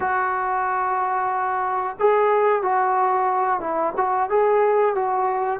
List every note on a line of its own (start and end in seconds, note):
0.00 1.96 F#4
1.99 2.62 G#4
2.62 3.60 F#4
3.60 3.93 E4
3.97 4.29 F#4
4.29 4.95 G#4
4.95 5.60 F#4